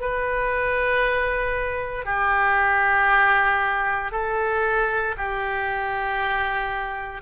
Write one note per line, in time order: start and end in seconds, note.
0.00 2.05 B4
2.05 4.11 G4
4.11 5.15 A4
5.17 7.21 G4